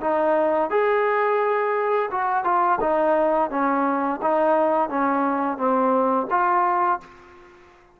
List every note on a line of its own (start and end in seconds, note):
0.00 0.70 D#4
0.70 2.10 G#4
2.11 2.44 F#4
2.44 2.79 F4
2.80 3.50 D#4
3.50 4.20 C#4
4.21 4.89 D#4
4.89 5.57 C#4
5.57 6.27 C4
6.30 7.00 F4